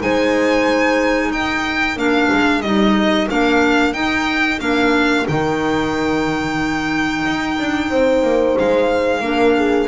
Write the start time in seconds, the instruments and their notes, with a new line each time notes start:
0.00 double bass G#3, clarinet D#4, horn C5, violin G#5
1.29 double bass D#4, horn A#4, violin G5
1.97 double bass A#3, clarinet D4, violin F5
2.32 double bass G#3
2.62 double bass G3, clarinet D#4, violin D#5
3.29 double bass A#3, clarinet D4, violin F5
3.94 double bass D#4, clarinet D#4, violin G5
4.60 double bass A#3, clarinet D4, violin F5
5.27 double bass D#3, clarinet D#4, violin G5
7.25 double bass D#4
7.59 double bass D4
7.90 double bass C4, horn C5
8.23 double bass A#3
8.59 double bass G#3, violin F5
9.21 double bass A#3, clarinet D4, horn A#4
9.57 horn G#4